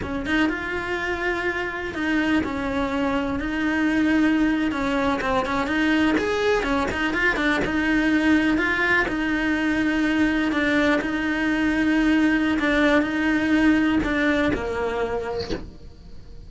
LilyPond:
\new Staff \with { instrumentName = "cello" } { \time 4/4 \tempo 4 = 124 cis'8 dis'8 f'2. | dis'4 cis'2 dis'4~ | dis'4.~ dis'16 cis'4 c'8 cis'8 dis'16~ | dis'8. gis'4 cis'8 dis'8 f'8 d'8 dis'16~ |
dis'4.~ dis'16 f'4 dis'4~ dis'16~ | dis'4.~ dis'16 d'4 dis'4~ dis'16~ | dis'2 d'4 dis'4~ | dis'4 d'4 ais2 | }